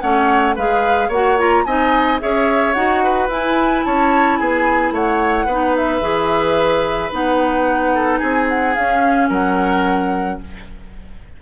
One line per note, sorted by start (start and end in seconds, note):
0.00 0.56 A3
0.00 0.56 C#4
0.00 0.55 C#5
0.00 0.55 F#5
0.55 1.09 G#3
0.55 1.12 G#4
0.55 1.08 B4
0.55 1.11 F5
1.08 1.63 A#3
1.08 1.38 F#4
1.08 1.63 C#5
1.08 1.39 F#5
1.38 1.65 F4
1.38 1.64 A#5
1.64 2.20 C4
1.64 2.20 D#4
1.64 2.21 D#5
1.64 2.19 G#5
2.20 2.75 C#4
2.20 2.74 G#4
2.20 3.03 C#5
2.20 2.73 E5
2.73 3.28 D#4
2.73 3.29 F#4
2.73 3.27 F#5
3.03 3.85 B4
3.28 3.83 E4
3.28 5.49 E4
3.28 3.84 G#5
3.84 4.40 C#4
3.84 4.39 C#5
3.84 4.37 A5
4.37 4.91 B3
4.37 4.93 G#4
4.37 4.91 G#5
4.91 5.45 A3
4.91 5.46 C#5
4.91 5.76 F#5
5.46 6.01 B3
5.46 6.01 D#4
5.46 7.91 B4
5.76 7.12 E5
6.01 7.10 E3
6.01 7.10 G#4
7.11 8.21 B3
7.11 8.75 D#4
7.11 8.18 F#5
7.94 8.19 A4
8.18 8.76 C4
8.18 9.28 G#4
8.18 8.45 G#5
8.48 8.74 F#5
8.74 9.30 C#4
8.74 10.42 C#4
8.74 9.29 F5
9.29 10.39 F#3
9.29 10.38 A#4
9.29 10.40 F#5